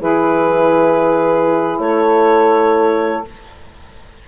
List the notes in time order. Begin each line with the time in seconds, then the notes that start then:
0.00 E3 E4 G#4 B4
1.79 A3 A4 C#5